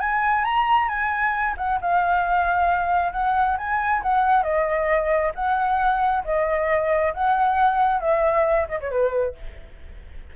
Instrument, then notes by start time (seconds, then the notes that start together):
flute
0.00 G#5
0.44 A#5
0.88 G#5
1.57 F#5
1.81 F5
3.12 F#5
3.58 G#5
4.02 F#5
4.43 D#5
5.35 F#5
6.24 D#5
7.13 F#5
8.00 E5
8.68 D#5
8.80 C#5
8.91 B4